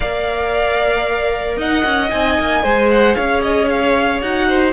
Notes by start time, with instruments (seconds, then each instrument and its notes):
0.00 cello A#3, viola A#4, violin D5 F5
1.57 cello D#4, violin D#5 F#5
1.85 cello C#4
2.09 cello C4, viola D#4, violin G#5
2.39 cello A#3
2.62 cello G#3, viola G#4, violin C5
2.90 violin F#5
3.14 cello C#4, violin C#5 F5
3.42 violin D#5
3.69 violin F5
4.21 cello D#4, viola F#4, violin F#5
4.48 violin C5